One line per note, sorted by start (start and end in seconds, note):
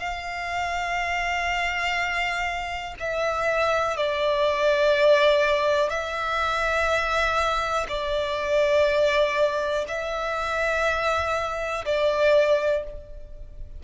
0.00 2.95 F5
3.00 3.97 E5
3.97 5.90 D5
5.90 7.87 E5
7.89 9.85 D5
9.88 11.85 E5
11.86 12.84 D5